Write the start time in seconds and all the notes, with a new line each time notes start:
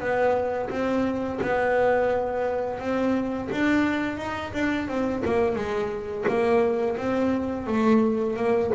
0.00 B3
0.70 C4
1.42 B3
2.79 C4
3.52 D4
4.18 D#4
4.53 D4
4.88 C4
5.25 A#3
5.56 G#3
6.28 A#3
6.97 C4
7.67 A3
8.36 A#3